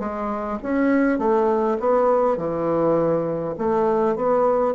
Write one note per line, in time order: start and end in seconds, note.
0.00 0.59 G#3
0.63 1.19 C#4
1.19 1.78 A3
1.80 2.37 B3
2.37 3.55 E3
3.59 4.17 A3
4.17 4.75 B3